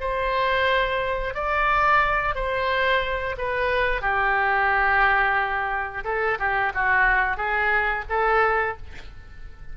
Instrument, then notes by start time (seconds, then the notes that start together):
oboe
0.00 C5
1.34 D5
2.35 C5
3.37 B4
4.01 G4
6.04 A4
6.39 G4
6.74 F#4
7.37 G#4
8.09 A4